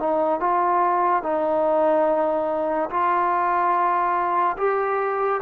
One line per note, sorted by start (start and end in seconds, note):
0.00 0.41 D#4
0.41 1.23 F4
1.23 2.90 D#4
2.90 4.57 F4
4.58 5.41 G4